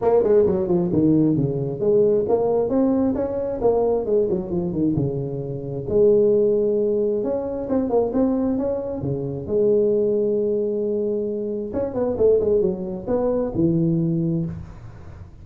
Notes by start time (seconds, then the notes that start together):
0.01 A#3
0.23 G#3
0.46 F#3
0.67 F3
0.92 D#3
1.36 C#3
1.80 G#3
2.28 A#3
2.69 C4
3.15 C#4
3.61 A#3
4.05 G#3
4.29 F#3
4.50 F3
4.72 D#3
4.95 C#3
5.89 G#3
7.23 C#4
7.69 C4
7.89 A#3
8.13 C4
8.58 C#4
9.01 C#3
9.46 G#3
11.73 C#4
11.94 B3
12.17 A3
12.40 G#3
12.61 F#3
13.07 B3
13.54 E3